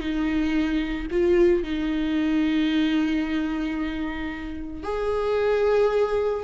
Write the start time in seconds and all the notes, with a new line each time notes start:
0.00 D#4
1.11 F4
1.63 D#4
4.83 G#4